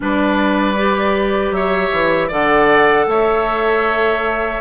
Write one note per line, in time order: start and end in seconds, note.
0.00 1.51 G3
0.00 0.76 D4
0.00 1.55 B4
0.00 1.53 D5
0.77 2.30 G4
1.51 1.89 F#3
1.51 2.28 C#5
1.51 2.30 E5
1.92 2.30 E3
2.28 3.06 D3
2.28 4.60 A4
2.28 3.04 D5
2.28 3.08 F#5
3.06 4.60 A3
3.06 4.60 C#5
3.06 4.60 E5